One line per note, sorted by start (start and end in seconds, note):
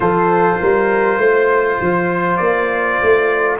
0.00 0.58 F3
0.00 3.59 F4
0.00 0.59 A4
0.00 2.36 C5
0.59 1.18 G3
0.59 1.19 A#4
1.18 1.78 A3
1.18 3.59 C5
1.80 2.39 F3
2.36 2.99 A#3
2.36 3.56 D5
3.02 3.60 A3